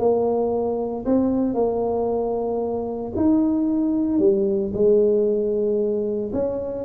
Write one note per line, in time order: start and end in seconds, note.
0.00 1.05 A#3
1.06 1.55 C4
1.55 3.13 A#3
3.16 4.19 D#4
4.19 4.72 G3
4.74 6.32 G#3
6.34 6.85 C#4